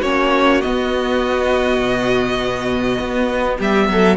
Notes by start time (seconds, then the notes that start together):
0.00 A#3 C#4 F#4 C#5
0.61 B3 D#5
1.81 B2
3.00 B3
3.58 G3 G4 E5
3.89 F#3 A4